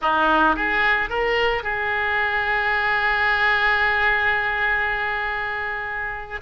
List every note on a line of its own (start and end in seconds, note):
0.01 0.56 D#4
0.56 1.09 G#4
1.09 1.63 A#4
1.63 6.40 G#4